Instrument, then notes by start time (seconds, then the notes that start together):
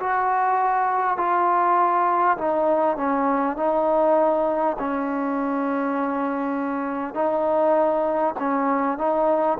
trombone
0.00 F#4
1.18 F4
2.38 D#4
2.97 C#4
3.57 D#4
4.79 C#4
7.15 D#4
8.39 C#4
8.99 D#4